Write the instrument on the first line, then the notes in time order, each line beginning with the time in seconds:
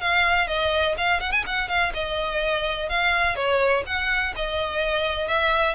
violin
0.00 F5
0.47 D#5
0.97 F5
1.20 F#5
1.31 G#5
1.46 F#5
1.68 F5
1.93 D#5
2.89 F5
3.36 C#5
3.86 F#5
4.35 D#5
5.27 E5